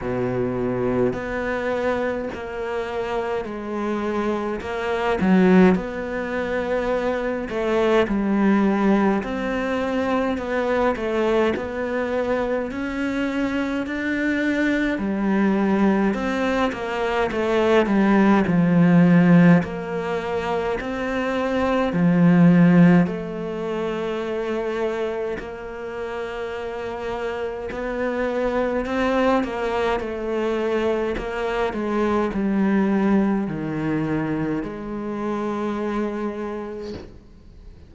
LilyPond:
\new Staff \with { instrumentName = "cello" } { \time 4/4 \tempo 4 = 52 b,4 b4 ais4 gis4 | ais8 fis8 b4. a8 g4 | c'4 b8 a8 b4 cis'4 | d'4 g4 c'8 ais8 a8 g8 |
f4 ais4 c'4 f4 | a2 ais2 | b4 c'8 ais8 a4 ais8 gis8 | g4 dis4 gis2 | }